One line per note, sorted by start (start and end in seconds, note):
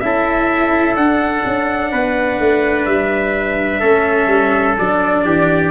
0.00 0.95 C#4
0.00 0.99 E4
0.00 1.91 A4
0.00 0.95 E5
0.95 1.43 D4
0.95 3.82 D4
0.95 2.86 F#5
1.46 1.93 C#4
1.91 2.40 B3
1.91 3.80 B4
2.40 2.86 A3
2.86 3.82 G3
2.86 4.76 E5
3.80 4.27 A3
3.80 4.77 C#4
3.80 5.23 A4
4.27 4.75 G3
4.79 5.25 F#3
4.79 5.71 D4
4.79 5.71 D5
5.25 5.71 E3
5.25 5.71 G4